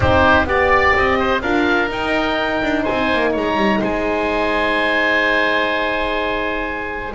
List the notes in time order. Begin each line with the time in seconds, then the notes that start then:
0.00 C4 D#4 G4 C5
0.45 B3 G4 D5
0.96 C4 D#5
1.19 C5
1.41 D4 F4 A#4 F5
1.89 D#4 G5
2.62 D4
2.82 C5 G#5
2.89 C4
3.13 A#3
3.31 G#3 C#5 A#5
3.56 G3
3.80 G#3 C5 G#5